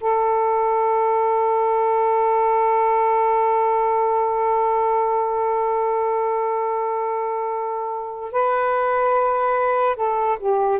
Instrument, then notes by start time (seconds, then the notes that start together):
saxophone
0.00 A4
8.31 B4
9.96 A4
10.39 G4